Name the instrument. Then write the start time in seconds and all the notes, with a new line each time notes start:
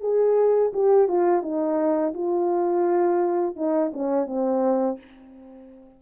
horn
0.00 G#4
0.73 G4
1.07 F4
1.42 D#4
2.13 F4
3.56 D#4
3.93 C#4
4.26 C4